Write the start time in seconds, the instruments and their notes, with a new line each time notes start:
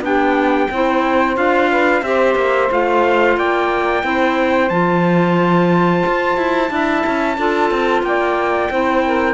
0.00 cello B3, clarinet D4, saxophone G4, trumpet G5
0.70 cello C4, clarinet E4, saxophone C5
1.36 cello D4, clarinet F4, trumpet F5
1.70 saxophone B4
2.02 cello C4, clarinet G4, saxophone C5, trumpet E5
2.35 cello A#3
2.70 cello A3, clarinet F4, trumpet F5
3.37 cello A#3, saxophone D5, trumpet G5
4.02 cello C4, clarinet E4, saxophone C5
4.69 cello F3, clarinet F4, trumpet A5
6.06 cello F4
6.37 cello E4
6.68 cello D4, clarinet E4, saxophone E5
7.06 cello C#4
7.36 cello D4, clarinet F4, saxophone A4
7.71 cello C4
8.02 cello A#3, saxophone D5, trumpet G5
8.70 cello C4, clarinet E4, saxophone C5
9.04 saxophone A#4